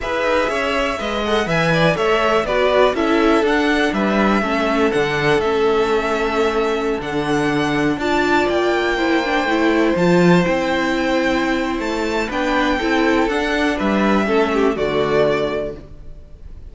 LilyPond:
<<
  \new Staff \with { instrumentName = "violin" } { \time 4/4 \tempo 4 = 122 e''2~ e''8 fis''8 gis''4 | e''4 d''4 e''4 fis''4 | e''2 fis''4 e''4~ | e''2~ e''16 fis''4.~ fis''16~ |
fis''16 a''4 g''2~ g''8.~ | g''16 a''4 g''2~ g''8. | a''4 g''2 fis''4 | e''2 d''2 | }
  \new Staff \with { instrumentName = "violin" } { \time 4/4 b'4 cis''4 dis''4 e''8 d''8 | cis''4 b'4 a'2 | b'4 a'2.~ | a'1~ |
a'16 d''2 c''4.~ c''16~ | c''1~ | c''4 b'4 a'2 | b'4 a'8 g'8 fis'2 | }
  \new Staff \with { instrumentName = "viola" } { \time 4/4 gis'2 b'8 a'8 b'4 | a'4 fis'4 e'4 d'4~ | d'4 cis'4 d'4 cis'4~ | cis'2~ cis'16 d'4.~ d'16~ |
d'16 f'2 e'8 d'8 e'8.~ | e'16 f'4 e'2~ e'8.~ | e'4 d'4 e'4 d'4~ | d'4 cis'4 a2 | }
  \new Staff \with { instrumentName = "cello" } { \time 4/4 e'8 dis'8 cis'4 gis4 e4 | a4 b4 cis'4 d'4 | g4 a4 d4 a4~ | a2~ a16 d4.~ d16~ |
d16 d'4 ais2 a8.~ | a16 f4 c'2~ c'8. | a4 b4 c'4 d'4 | g4 a4 d2 | }
>>